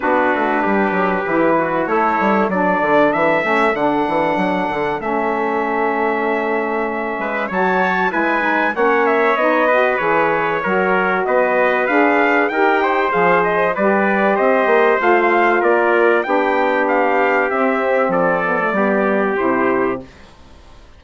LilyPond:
<<
  \new Staff \with { instrumentName = "trumpet" } { \time 4/4 \tempo 4 = 96 b'2. cis''4 | d''4 e''4 fis''2 | e''1 | a''4 gis''4 fis''8 e''8 dis''4 |
cis''2 dis''4 f''4 | g''4 f''8 dis''8 d''4 dis''4 | f''4 d''4 g''4 f''4 | e''4 d''2 c''4 | }
  \new Staff \with { instrumentName = "trumpet" } { \time 4/4 fis'4 g'4. fis'8 e'4 | a'1~ | a'2.~ a'8 b'8 | cis''4 b'4 cis''4. b'8~ |
b'4 ais'4 b'2 | ais'8 c''4. b'4 c''4~ | c''4 ais'4 g'2~ | g'4 a'4 g'2 | }
  \new Staff \with { instrumentName = "saxophone" } { \time 4/4 d'2 e'4 a'4 | d'4. cis'8 d'2 | cis'1 | fis'4 e'8 dis'8 cis'4 dis'8 fis'8 |
gis'4 fis'2 gis'4 | g'4 gis'4 g'2 | f'2 d'2 | c'4. b16 a16 b4 e'4 | }
  \new Staff \with { instrumentName = "bassoon" } { \time 4/4 b8 a8 g8 fis8 e4 a8 g8 | fis8 d8 e8 a8 d8 e8 fis8 d8 | a2.~ a8 gis8 | fis4 gis4 ais4 b4 |
e4 fis4 b4 d'4 | dis'4 f4 g4 c'8 ais8 | a4 ais4 b2 | c'4 f4 g4 c4 | }
>>